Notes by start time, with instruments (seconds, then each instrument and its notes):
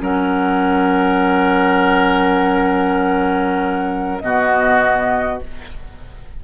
0.00 bassoon F#3, clarinet C#4, oboe A#4, flute F#5
4.19 bassoon B2, clarinet B3, oboe F#4, flute D#5